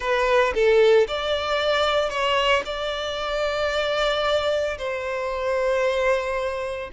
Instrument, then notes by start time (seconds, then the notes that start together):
violin
0.00 B4
0.54 A4
1.07 D5
2.09 C#5
2.65 D5
4.78 C5